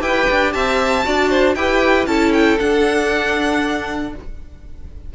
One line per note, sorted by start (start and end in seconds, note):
0.00 0.27 E4
0.00 1.03 G4
0.00 0.53 B4
0.00 0.53 G5
0.30 0.55 D4
0.53 1.06 C4
0.53 1.06 E5
0.53 1.55 A5
1.05 1.56 D4
1.05 1.56 F#4
1.05 1.30 D5
1.30 1.56 C5
1.55 2.06 E4
1.55 2.07 G4
1.55 2.08 B4
1.55 2.06 G5
2.06 2.58 C#4
2.06 2.58 E4
2.06 4.14 A4
2.06 2.32 A5
2.33 2.59 G5
2.59 4.14 D4
2.59 4.15 D4
2.59 4.13 F#5